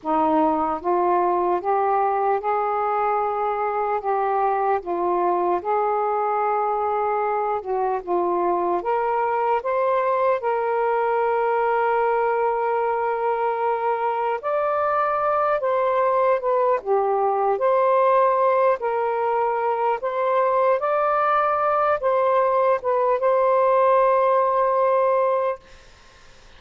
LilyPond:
\new Staff \with { instrumentName = "saxophone" } { \time 4/4 \tempo 4 = 75 dis'4 f'4 g'4 gis'4~ | gis'4 g'4 f'4 gis'4~ | gis'4. fis'8 f'4 ais'4 | c''4 ais'2.~ |
ais'2 d''4. c''8~ | c''8 b'8 g'4 c''4. ais'8~ | ais'4 c''4 d''4. c''8~ | c''8 b'8 c''2. | }